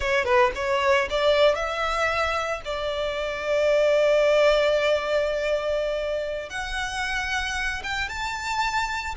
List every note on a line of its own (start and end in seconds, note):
0.00 0.24 C#5
0.24 0.51 B4
0.55 1.08 C#5
1.10 1.55 D5
1.55 2.61 E5
2.64 6.49 D5
6.49 7.82 F#5
7.83 8.09 G5
8.09 9.14 A5